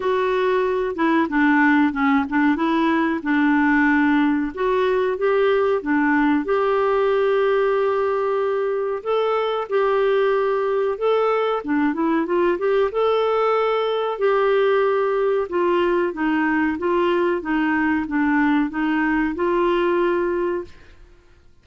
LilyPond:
\new Staff \with { instrumentName = "clarinet" } { \time 4/4 \tempo 4 = 93 fis'4. e'8 d'4 cis'8 d'8 | e'4 d'2 fis'4 | g'4 d'4 g'2~ | g'2 a'4 g'4~ |
g'4 a'4 d'8 e'8 f'8 g'8 | a'2 g'2 | f'4 dis'4 f'4 dis'4 | d'4 dis'4 f'2 | }